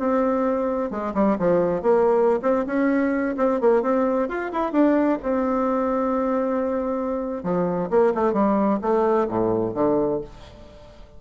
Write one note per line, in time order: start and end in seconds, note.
0.00 0.91 C4
0.91 1.14 G#3
1.15 1.38 G3
1.39 1.83 F3
1.83 2.41 A#3
2.43 2.66 C4
2.67 3.36 C#4
3.38 3.61 C4
3.61 3.83 A#3
3.83 4.29 C4
4.29 4.52 F4
4.53 4.73 E4
4.73 5.19 D4
5.23 7.44 C4
7.44 7.90 F3
7.91 8.14 A#3
8.15 8.34 A3
8.34 8.80 G3
8.82 9.28 A3
9.29 9.75 A2
9.75 10.21 D3